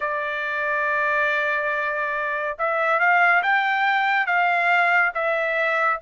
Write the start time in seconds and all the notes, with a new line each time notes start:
0.00 D5
2.58 E5
2.99 F5
3.42 G5
4.26 F5
5.14 E5